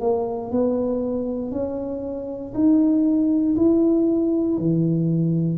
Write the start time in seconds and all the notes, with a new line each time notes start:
0.00 A#3
0.51 B3
1.51 C#4
2.54 D#4
3.56 E4
4.58 E3